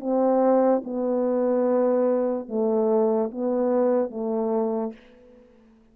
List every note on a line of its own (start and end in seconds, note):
0.00 0.82 C4
0.84 2.48 B3
2.48 3.31 A3
3.31 4.11 B3
4.11 4.93 A3